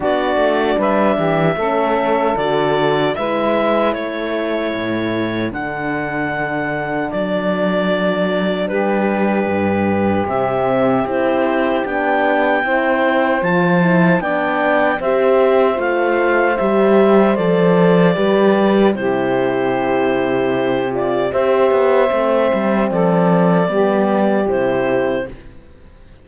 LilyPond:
<<
  \new Staff \with { instrumentName = "clarinet" } { \time 4/4 \tempo 4 = 76 d''4 e''2 d''4 | e''4 cis''2 fis''4~ | fis''4 d''2 b'4~ | b'4 e''4 c''4 g''4~ |
g''4 a''4 g''4 e''4 | f''4 e''4 d''2 | c''2~ c''8 d''8 e''4~ | e''4 d''2 c''4 | }
  \new Staff \with { instrumentName = "saxophone" } { \time 4/4 fis'4 b'8 g'8 a'2 | b'4 a'2.~ | a'2. g'4~ | g'1 |
c''2 d''4 c''4~ | c''2. b'4 | g'2. c''4~ | c''4 a'4 g'2 | }
  \new Staff \with { instrumentName = "horn" } { \time 4/4 d'2 cis'4 fis'4 | e'2. d'4~ | d'1~ | d'4 c'4 e'4 d'4 |
e'4 f'8 e'8 d'4 g'4 | f'4 g'4 a'4 g'4 | e'2~ e'8 f'8 g'4 | c'2 b4 e'4 | }
  \new Staff \with { instrumentName = "cello" } { \time 4/4 b8 a8 g8 e8 a4 d4 | gis4 a4 a,4 d4~ | d4 fis2 g4 | g,4 c4 c'4 b4 |
c'4 f4 b4 c'4 | a4 g4 f4 g4 | c2. c'8 b8 | a8 g8 f4 g4 c4 | }
>>